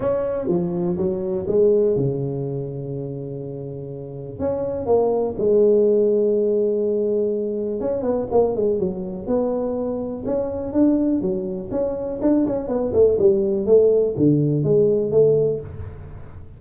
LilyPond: \new Staff \with { instrumentName = "tuba" } { \time 4/4 \tempo 4 = 123 cis'4 f4 fis4 gis4 | cis1~ | cis4 cis'4 ais4 gis4~ | gis1 |
cis'8 b8 ais8 gis8 fis4 b4~ | b4 cis'4 d'4 fis4 | cis'4 d'8 cis'8 b8 a8 g4 | a4 d4 gis4 a4 | }